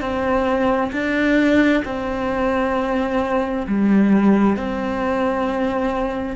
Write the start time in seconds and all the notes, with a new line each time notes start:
0.00 C4
0.92 D4
1.84 C4
3.67 G3
4.56 C4